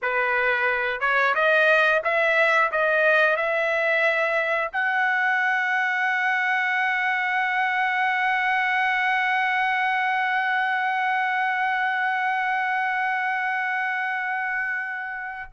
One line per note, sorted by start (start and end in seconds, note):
0.02 1.00 B4
1.00 1.34 C#5
1.34 2.02 D#5
2.03 2.71 E5
2.72 3.36 D#5
3.36 4.71 E5
4.72 15.51 F#5